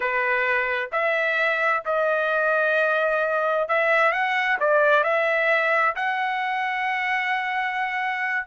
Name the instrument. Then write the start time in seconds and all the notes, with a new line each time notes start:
trumpet
0.00 B4
0.91 E5
1.85 D#5
3.68 E5
4.11 F#5
4.60 D5
5.03 E5
5.95 F#5